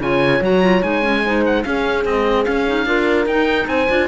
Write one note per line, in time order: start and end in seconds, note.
0.00 0.41 C#3
0.00 0.42 F4
0.00 1.23 C#5
0.00 0.43 G#5
0.42 0.82 F#3
0.42 0.63 F#4
0.42 0.83 A#5
0.63 0.83 F4
0.83 1.64 G#3
0.83 1.02 D#4
0.83 1.44 G#5
1.02 1.23 C#4
1.25 1.65 D#4
1.25 1.65 C5
1.46 1.63 F#5
1.63 2.05 C#4
1.63 2.87 G#4
1.63 2.04 F5
2.05 2.45 G#3
2.05 2.46 C4
2.05 2.45 D#5
2.45 2.66 C#4
2.45 2.86 C#4
2.45 3.26 F5
2.67 2.86 D#4
2.86 3.26 D4
2.86 3.27 F4
2.86 3.68 A#4
3.26 3.67 D#4
3.26 3.89 D#4
3.26 3.68 G5
3.68 3.88 C4
3.68 4.09 C5
3.68 4.09 G#5
3.89 4.09 D4
3.89 4.09 F4